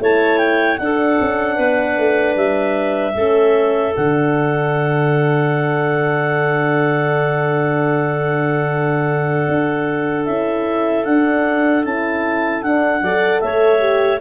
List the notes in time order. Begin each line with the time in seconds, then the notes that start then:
0.00 A3 E4 C#5 A5
0.38 G5
0.78 D4 A4 F#5
1.21 C#4
1.56 B3 B4
1.98 A3
2.36 G3 E5
3.14 A3 C#4 A4
3.95 D3 D4 F#5
9.48 D4
10.26 C#4 E4 E5
11.05 D4 F#5
11.85 C#4 E4 A5
12.63 D4 F#5
13.02 F#3 A4 D5
13.41 A3 C#5 E5
13.80 G4